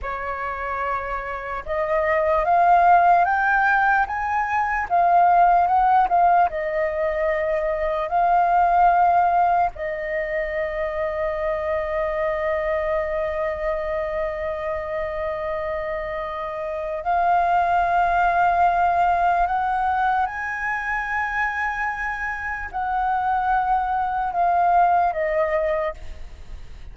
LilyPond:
\new Staff \with { instrumentName = "flute" } { \time 4/4 \tempo 4 = 74 cis''2 dis''4 f''4 | g''4 gis''4 f''4 fis''8 f''8 | dis''2 f''2 | dis''1~ |
dis''1~ | dis''4 f''2. | fis''4 gis''2. | fis''2 f''4 dis''4 | }